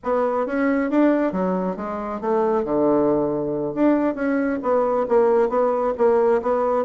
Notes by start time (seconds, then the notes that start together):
0.03 B3
0.46 C#4
0.90 D4
1.32 F#3
1.76 G#3
2.21 A3
2.64 D3
3.74 D4
4.15 C#4
4.62 B3
5.08 A#3
5.49 B3
5.97 A#3
6.42 B3